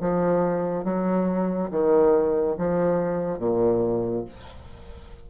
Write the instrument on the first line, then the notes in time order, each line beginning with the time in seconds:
bassoon
0.00 F3
0.84 F#3
1.71 D#3
2.58 F3
3.39 A#2